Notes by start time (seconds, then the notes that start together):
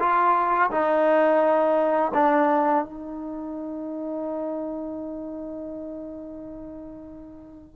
0.00 F4
0.72 D#4
2.15 D4
2.85 D#4